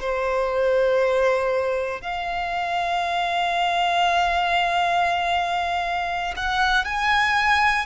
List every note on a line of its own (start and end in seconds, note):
0.00 2.02 C5
2.02 6.34 F5
6.37 6.85 F#5
6.85 7.86 G#5